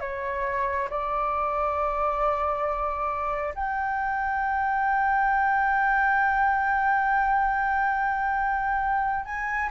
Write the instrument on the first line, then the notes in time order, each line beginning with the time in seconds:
flute
0.00 C#5
0.89 D5
3.55 G5
9.25 G#5